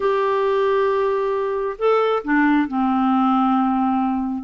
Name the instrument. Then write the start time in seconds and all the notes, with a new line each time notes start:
clarinet
0.00 G4
1.78 A4
2.24 D4
2.67 C4